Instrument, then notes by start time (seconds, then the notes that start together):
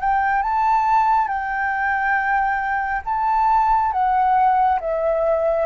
flute
0.00 G5
0.42 A5
1.28 G5
3.05 A5
3.92 F#5
4.80 E5